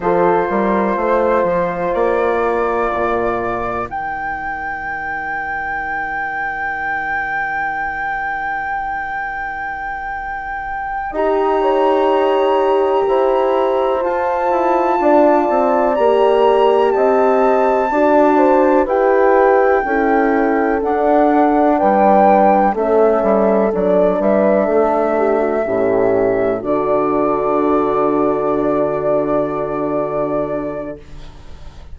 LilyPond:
<<
  \new Staff \with { instrumentName = "flute" } { \time 4/4 \tempo 4 = 62 c''2 d''2 | g''1~ | g''2.~ g''8 ais''8~ | ais''2~ ais''8 a''4.~ |
a''8 ais''4 a''2 g''8~ | g''4. fis''4 g''4 e''8~ | e''8 d''8 e''2~ e''8 d''8~ | d''1 | }
  \new Staff \with { instrumentName = "horn" } { \time 4/4 a'8 ais'8 c''4. ais'4.~ | ais'1~ | ais'2.~ ais'8 dis''8 | cis''4. c''2 d''8~ |
d''4. dis''4 d''8 c''8 b'8~ | b'8 a'2 b'4 a'8~ | a'4 b'8 a'8 g'16 fis'16 g'4 fis'8~ | fis'1 | }
  \new Staff \with { instrumentName = "horn" } { \time 4/4 f'1 | dis'1~ | dis'2.~ dis'8 g'8~ | g'2~ g'8 f'4.~ |
f'8 g'2 fis'4 g'8~ | g'8 e'4 d'2 cis'8~ | cis'8 d'2 cis'4 d'8~ | d'1 | }
  \new Staff \with { instrumentName = "bassoon" } { \time 4/4 f8 g8 a8 f8 ais4 ais,4 | dis1~ | dis2.~ dis8 dis'8~ | dis'4. e'4 f'8 e'8 d'8 |
c'8 ais4 c'4 d'4 e'8~ | e'8 cis'4 d'4 g4 a8 | g8 fis8 g8 a4 a,4 d8~ | d1 | }
>>